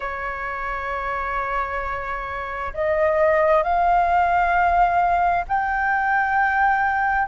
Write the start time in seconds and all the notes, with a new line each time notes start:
0.00 C#5
2.73 D#5
3.63 F5
5.48 G5